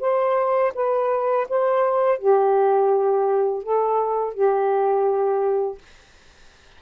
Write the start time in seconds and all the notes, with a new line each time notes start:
0.00 C5
0.74 B4
1.49 C5
2.18 G4
3.63 A4
4.33 G4